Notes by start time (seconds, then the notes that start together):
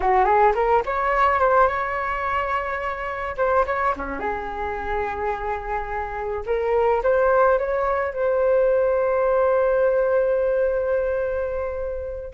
0.00 F#4
0.24 G#4
0.55 A#4
0.85 C#5
1.39 C5
1.67 C#5
3.37 C5
3.66 C#5
3.96 C#4
4.19 G#4
6.46 A#4
7.03 C5
7.58 C#5
8.13 C5